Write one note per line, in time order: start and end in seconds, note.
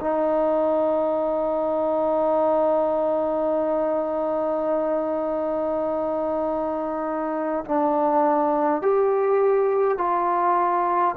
0.00 7.65 D#4
7.65 8.82 D4
8.82 9.98 G4
9.98 11.16 F4